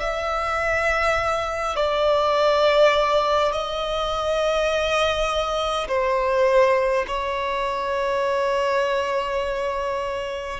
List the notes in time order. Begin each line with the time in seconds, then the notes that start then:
0.00 E5
1.76 D5
3.52 D#5
5.88 C5
7.07 C#5